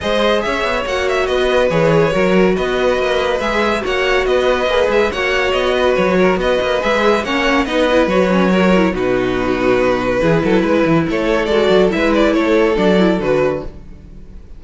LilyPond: <<
  \new Staff \with { instrumentName = "violin" } { \time 4/4 \tempo 4 = 141 dis''4 e''4 fis''8 e''8 dis''4 | cis''2 dis''2 | e''4 fis''4 dis''4. e''8 | fis''4 dis''4 cis''4 dis''4 |
e''4 fis''4 dis''4 cis''4~ | cis''4 b'2.~ | b'2 cis''4 d''4 | e''8 d''8 cis''4 d''4 b'4 | }
  \new Staff \with { instrumentName = "violin" } { \time 4/4 c''4 cis''2 b'4~ | b'4 ais'4 b'2~ | b'4 cis''4 b'2 | cis''4. b'4 ais'8 b'4~ |
b'4 cis''4 b'2 | ais'4 fis'2. | gis'8 a'8 b'4 a'2 | b'4 a'2. | }
  \new Staff \with { instrumentName = "viola" } { \time 4/4 gis'2 fis'2 | gis'4 fis'2. | gis'4 fis'2 gis'4 | fis'1 |
gis'4 cis'4 dis'8 e'8 fis'8 cis'8 | fis'8 e'8 dis'2. | e'2. fis'4 | e'2 d'8 e'8 fis'4 | }
  \new Staff \with { instrumentName = "cello" } { \time 4/4 gis4 cis'8 b8 ais4 b4 | e4 fis4 b4 ais4 | gis4 ais4 b4 ais8 gis8 | ais4 b4 fis4 b8 ais8 |
gis4 ais4 b4 fis4~ | fis4 b,2. | e8 fis8 gis8 e8 a4 gis8 fis8 | gis4 a4 fis4 d4 | }
>>